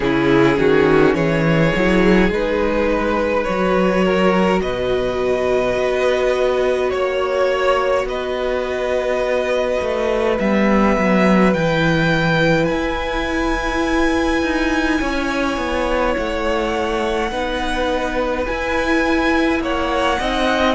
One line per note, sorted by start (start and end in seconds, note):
0.00 0.57 C#3
0.00 1.71 C#4
0.00 0.57 E4
0.00 1.14 G#4
0.57 1.14 D#3
0.57 1.15 F#4
1.14 1.72 E3
1.14 2.88 G#4
1.14 2.30 C#5
1.75 2.29 F#3
1.75 2.31 E4
2.29 3.44 G#3
2.29 3.47 D#4
2.29 3.44 B4
2.90 4.04 B4
3.44 4.61 F#3
3.44 10.38 F#4
3.44 4.59 C#5
4.04 4.62 A#4
4.61 5.76 B2
4.61 6.92 B4
4.61 6.90 D#5
5.76 6.92 B3
6.90 8.04 A#3
6.90 8.05 C#5
6.90 8.07 C#5
8.04 9.77 B3
8.04 15.00 B4
8.04 10.38 D#5
9.81 10.38 A3
10.38 10.97 G3
10.38 11.54 B3
10.38 11.53 E5
10.97 11.54 F#3
11.53 12.69 E3
11.53 17.30 E4
11.53 12.65 G5
12.65 14.42 E4
12.65 16.11 G#5
14.42 15.00 D#4
15.00 15.57 C#4
15.00 17.31 C#5
15.57 16.15 B3
16.16 17.31 A3
16.16 18.46 F#5
17.30 18.46 B3
17.30 18.46 D#4
17.30 19.62 B4
18.46 20.19 E4
18.46 19.60 E4
18.46 19.61 G#5
19.60 20.18 A#3
19.60 20.19 C#5
19.60 20.74 F#5
20.19 20.74 C4
20.19 20.74 D#4
20.19 20.74 D#5